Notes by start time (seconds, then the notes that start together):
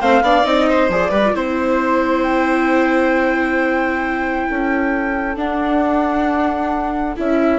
0.00 A3 C4 C5 F5
0.21 B3 D4 D5
0.43 C4 D#4 D#5
0.69 C5
0.88 F3 G#4 D5
1.10 G3 G4 B4
1.25 F4
1.33 C4 E4 C5
2.23 G5
4.48 C#4 A4
5.36 D4 F#5
7.16 C#4 E4 E5